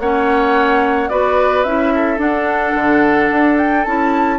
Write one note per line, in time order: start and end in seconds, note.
0.00 1.10 A#3
0.00 1.10 C#4
0.00 1.11 C#5
0.00 1.09 F#5
1.09 1.65 B3
1.09 1.65 F#4
1.09 1.93 B4
1.09 1.64 D5
1.64 2.18 C#4
1.64 2.18 E4
1.64 2.19 E5
1.95 4.39 A4
2.18 3.83 D4
2.18 2.74 D4
2.18 3.58 F#5
2.75 3.30 D3
3.32 3.87 D4
3.58 3.85 G5
3.85 4.39 C#4
3.85 4.39 E4
3.85 4.39 A5